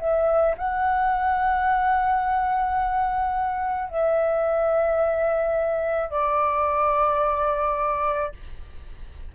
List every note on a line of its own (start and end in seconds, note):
0.00 0.56 E5
0.58 3.89 F#5
3.89 6.11 E5
6.11 8.33 D5